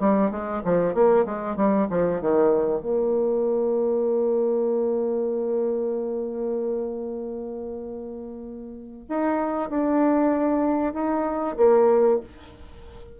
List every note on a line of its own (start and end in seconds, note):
0.00 0.31 G3
0.31 0.62 G#3
0.65 0.94 F3
0.94 1.25 A#3
1.25 1.56 G#3
1.56 1.88 G3
1.90 2.21 F3
2.21 2.81 D#3
2.81 9.06 A#3
9.09 9.70 D#4
9.70 10.93 D4
10.93 11.56 D#4
11.57 12.20 A#3